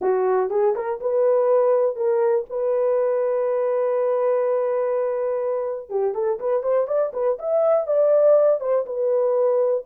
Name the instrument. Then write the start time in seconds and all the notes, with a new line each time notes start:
horn
0.01 F#4
0.49 G#4
0.75 A#4
1.00 B4
1.96 A#4
2.49 B4
5.89 G4
6.14 A4
6.39 B4
6.62 C5
6.87 D5
7.13 B4
7.38 E5
7.86 D5
8.60 C5
8.85 B4